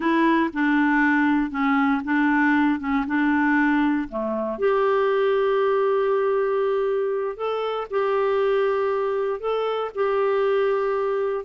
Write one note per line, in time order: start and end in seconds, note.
0.00 0.50 E4
0.53 1.50 D4
1.50 2.01 C#4
2.04 2.79 D4
2.79 3.05 C#4
3.06 4.08 D4
4.08 4.58 A3
4.58 7.36 G4
7.36 7.87 A4
7.90 9.40 G4
9.40 9.91 A4
9.95 11.45 G4